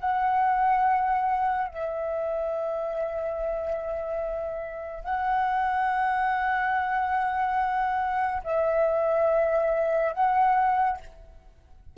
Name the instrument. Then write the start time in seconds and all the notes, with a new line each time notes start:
flute
0.00 F#5
1.68 E5
5.04 F#5
8.44 E5
10.13 F#5